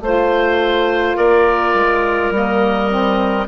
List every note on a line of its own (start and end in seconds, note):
0.00 1.15 A3
0.00 2.32 F4
0.00 1.17 C5
0.00 1.16 C5
1.16 1.74 A#3
1.16 3.47 A#4
1.16 2.32 D5
1.74 2.31 G#3
2.31 3.46 G3
2.31 2.89 A#3
2.31 3.47 D#5
2.89 3.47 C4